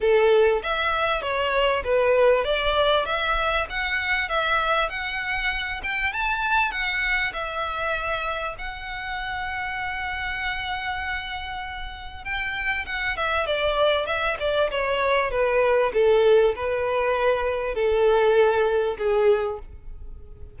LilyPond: \new Staff \with { instrumentName = "violin" } { \time 4/4 \tempo 4 = 98 a'4 e''4 cis''4 b'4 | d''4 e''4 fis''4 e''4 | fis''4. g''8 a''4 fis''4 | e''2 fis''2~ |
fis''1 | g''4 fis''8 e''8 d''4 e''8 d''8 | cis''4 b'4 a'4 b'4~ | b'4 a'2 gis'4 | }